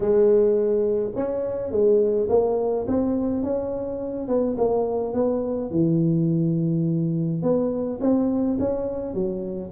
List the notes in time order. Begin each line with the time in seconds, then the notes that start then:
0.00 G#3
1.15 C#4
1.71 G#3
2.29 A#3
2.87 C4
3.43 C#4
4.28 B3
4.57 A#3
5.13 B3
5.71 E3
7.42 B3
8.00 C4
8.59 C#4
9.14 F#3